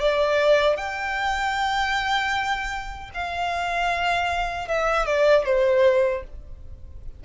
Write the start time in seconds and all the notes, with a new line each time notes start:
0.00 D5
0.77 G5
3.14 F5
4.68 E5
5.06 D5
5.45 C5